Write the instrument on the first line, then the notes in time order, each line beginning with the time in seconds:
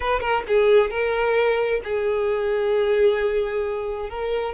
violin
0.00 B4
0.20 A#4
0.47 G#4
0.90 A#4
1.83 G#4
4.09 A#4